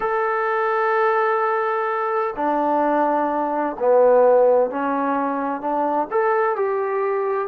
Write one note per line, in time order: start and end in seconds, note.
0.00 2.34 A4
2.35 3.76 D4
3.79 4.70 B3
4.70 5.60 C#4
5.60 6.07 D4
6.10 6.56 A4
6.56 7.48 G4